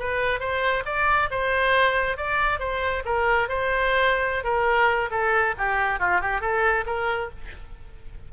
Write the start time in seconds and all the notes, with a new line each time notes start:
0.00 B4
0.40 C5
0.86 D5
1.31 C5
2.17 D5
2.60 C5
3.06 A#4
3.49 C5
4.45 A#4
5.11 A4
5.58 G4
6.00 F4
6.21 G4
6.41 A4
6.87 A#4